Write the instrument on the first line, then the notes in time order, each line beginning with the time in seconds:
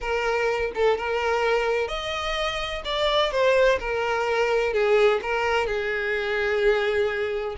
violin
0.01 A#4
0.75 A4
0.97 A#4
1.87 D#5
2.85 D5
3.31 C5
3.79 A#4
4.73 G#4
5.22 A#4
5.66 G#4